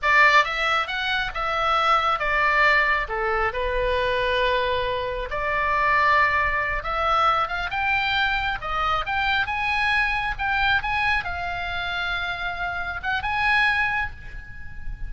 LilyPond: \new Staff \with { instrumentName = "oboe" } { \time 4/4 \tempo 4 = 136 d''4 e''4 fis''4 e''4~ | e''4 d''2 a'4 | b'1 | d''2.~ d''8 e''8~ |
e''4 f''8 g''2 dis''8~ | dis''8 g''4 gis''2 g''8~ | g''8 gis''4 f''2~ f''8~ | f''4. fis''8 gis''2 | }